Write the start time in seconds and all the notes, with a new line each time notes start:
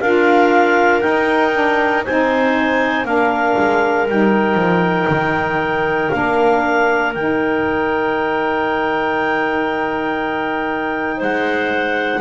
0.00 D4 F4 A#4 F5
1.00 D#4 G5
1.52 D4
2.04 C4 D#4 C5 G#5
3.04 A#3 D4 A#4 F5
3.58 G#3
4.08 G3 D#4 G5
4.54 F3
5.08 D#3
6.11 A#3 D4 F5
7.14 D#3 D#4 G5
11.17 G#3 C5 F#5